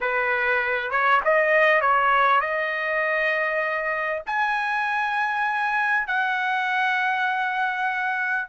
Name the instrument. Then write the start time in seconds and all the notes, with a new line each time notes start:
trumpet
0.01 B4
0.90 C#5
1.24 D#5
1.81 C#5
2.40 D#5
4.26 G#5
6.07 F#5